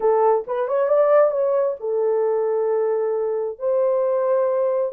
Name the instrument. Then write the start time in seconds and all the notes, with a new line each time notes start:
horn
0.00 A4
0.47 B4
0.67 C#5
0.88 D5
1.31 C#5
1.80 A4
3.58 C5